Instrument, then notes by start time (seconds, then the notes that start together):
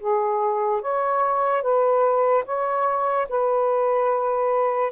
saxophone
0.00 G#4
0.81 C#5
1.62 B4
2.45 C#5
3.29 B4